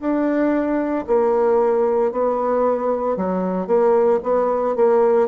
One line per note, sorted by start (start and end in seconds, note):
0.00 1.05 D4
1.07 2.12 A#3
2.12 3.17 B3
3.17 3.67 F#3
3.67 4.20 A#3
4.23 4.76 B3
4.76 5.28 A#3